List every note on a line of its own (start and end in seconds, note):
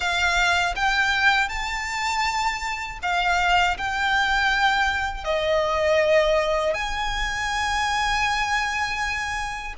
0.00 0.75 F5
0.75 1.48 G5
1.48 2.98 A5
3.02 3.77 F5
3.77 5.24 G5
5.24 6.74 D#5
6.74 9.74 G#5